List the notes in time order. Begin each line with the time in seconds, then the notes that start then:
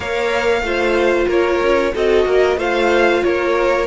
0.00 A#3 A#4 C#5 F5
0.61 A3 F4 C5
1.27 A#3 A#4 C#5
1.62 C#4
1.93 C4 F#4 A4 D#5
2.25 A#3 A#4
2.56 A3 F4 C5 F5
3.23 A#3 A#4 C#5